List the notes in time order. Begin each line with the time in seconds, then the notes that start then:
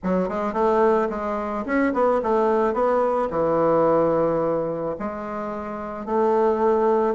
0.03 F#3
0.28 G#3
0.53 A3
1.09 G#3
1.65 C#4
1.93 B3
2.22 A3
2.73 B3
3.30 E3
4.99 G#3
6.05 A3